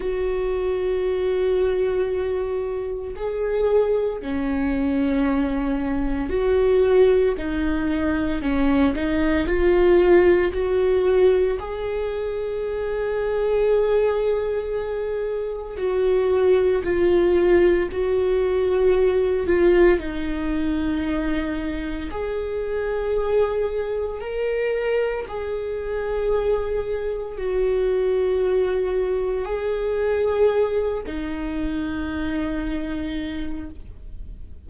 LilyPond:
\new Staff \with { instrumentName = "viola" } { \time 4/4 \tempo 4 = 57 fis'2. gis'4 | cis'2 fis'4 dis'4 | cis'8 dis'8 f'4 fis'4 gis'4~ | gis'2. fis'4 |
f'4 fis'4. f'8 dis'4~ | dis'4 gis'2 ais'4 | gis'2 fis'2 | gis'4. dis'2~ dis'8 | }